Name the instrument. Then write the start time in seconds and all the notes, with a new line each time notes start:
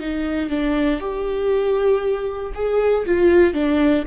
viola
0.00 D#4
0.49 D4
1.00 G4
2.54 G#4
3.06 F4
3.53 D4